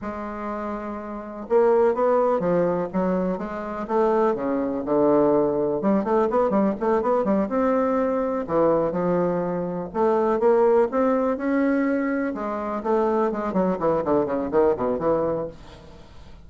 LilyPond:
\new Staff \with { instrumentName = "bassoon" } { \time 4/4 \tempo 4 = 124 gis2. ais4 | b4 f4 fis4 gis4 | a4 cis4 d2 | g8 a8 b8 g8 a8 b8 g8 c'8~ |
c'4. e4 f4.~ | f8 a4 ais4 c'4 cis'8~ | cis'4. gis4 a4 gis8 | fis8 e8 d8 cis8 dis8 b,8 e4 | }